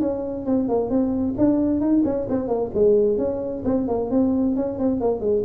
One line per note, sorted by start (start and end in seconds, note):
0.00 0.45 C#4
0.46 0.68 C4
0.68 0.89 A#3
0.89 1.35 C4
1.38 1.80 D4
1.80 2.03 D#4
2.05 2.27 C#4
2.29 2.48 C4
2.48 2.70 A#3
2.74 3.18 G#3
3.18 3.63 C#4
3.65 3.88 C4
3.88 4.10 A#3
4.10 4.56 C4
4.56 4.78 C#4
4.78 5.00 C4
5.00 5.20 A#3
5.20 5.43 G#3